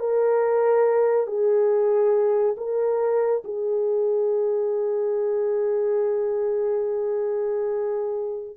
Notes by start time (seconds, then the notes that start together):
0.00 A#4
1.27 G#4
2.58 A#4
3.44 G#4